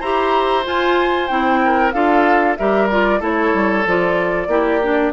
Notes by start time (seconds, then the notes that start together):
0.00 E4 G4 C5 A#5
0.64 F4 G#5
1.27 C4 E4 G5
1.64 A#4
1.92 D4 F4 A4 F5
2.56 G3 G4 A#4 E5
2.89 F4 D5
3.19 A3 E4 A4 C#5
3.54 G3
3.86 F3 F4 D5
4.47 A#3 E4 G4
4.82 D4